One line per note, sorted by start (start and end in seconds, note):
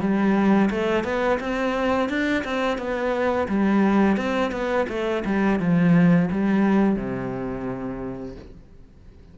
0.00 0.70 G3
0.70 1.04 A3
1.04 1.39 B3
1.40 2.09 C4
2.09 2.44 D4
2.45 2.78 C4
2.78 3.48 B3
3.49 4.17 G3
4.17 4.52 C4
4.52 4.87 B3
4.89 5.24 A3
5.25 5.60 G3
5.60 6.30 F3
6.31 6.96 G3
6.96 8.36 C3